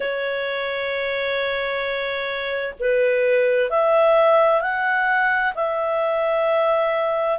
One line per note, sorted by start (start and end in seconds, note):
0.00 2.74 C#5
2.79 3.70 B4
3.70 4.61 E5
4.61 5.53 F#5
5.54 7.38 E5